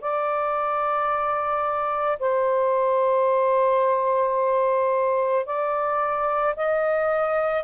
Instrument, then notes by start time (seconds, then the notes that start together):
saxophone
0.00 D5
2.19 C5
5.45 D5
6.56 D#5